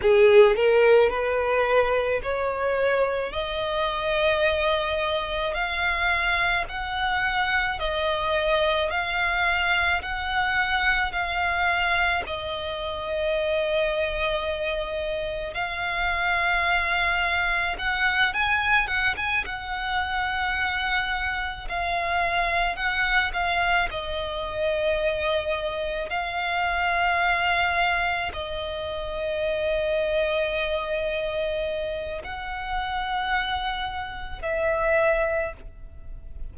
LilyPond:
\new Staff \with { instrumentName = "violin" } { \time 4/4 \tempo 4 = 54 gis'8 ais'8 b'4 cis''4 dis''4~ | dis''4 f''4 fis''4 dis''4 | f''4 fis''4 f''4 dis''4~ | dis''2 f''2 |
fis''8 gis''8 fis''16 gis''16 fis''2 f''8~ | f''8 fis''8 f''8 dis''2 f''8~ | f''4. dis''2~ dis''8~ | dis''4 fis''2 e''4 | }